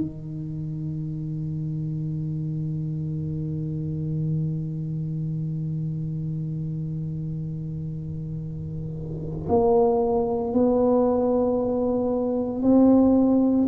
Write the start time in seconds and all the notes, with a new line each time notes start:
0.00 D#3
9.49 A#3
10.54 B3
12.63 C4